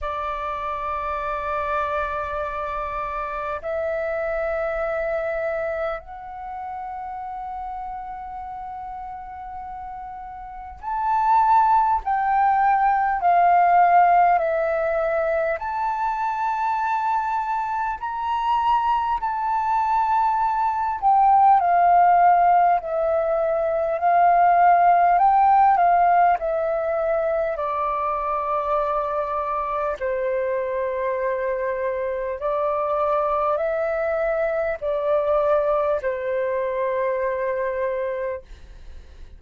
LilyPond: \new Staff \with { instrumentName = "flute" } { \time 4/4 \tempo 4 = 50 d''2. e''4~ | e''4 fis''2.~ | fis''4 a''4 g''4 f''4 | e''4 a''2 ais''4 |
a''4. g''8 f''4 e''4 | f''4 g''8 f''8 e''4 d''4~ | d''4 c''2 d''4 | e''4 d''4 c''2 | }